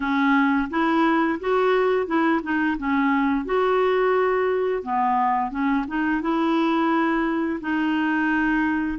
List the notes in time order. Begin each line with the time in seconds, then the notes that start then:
0.00 C#4
0.70 E4
1.39 F#4
2.07 E4
2.42 D#4
2.77 C#4
3.45 F#4
4.82 B3
5.50 C#4
5.87 D#4
6.21 E4
7.60 D#4